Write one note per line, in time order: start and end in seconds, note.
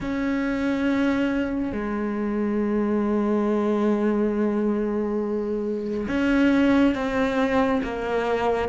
0.00 1.72 C#4
1.72 6.07 G#3
6.08 6.94 C#4
6.94 7.81 C4
7.83 8.68 A#3